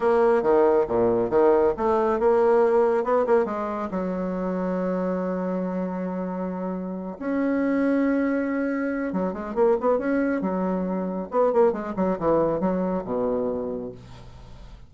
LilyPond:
\new Staff \with { instrumentName = "bassoon" } { \time 4/4 \tempo 4 = 138 ais4 dis4 ais,4 dis4 | a4 ais2 b8 ais8 | gis4 fis2.~ | fis1~ |
fis8 cis'2.~ cis'8~ | cis'4 fis8 gis8 ais8 b8 cis'4 | fis2 b8 ais8 gis8 fis8 | e4 fis4 b,2 | }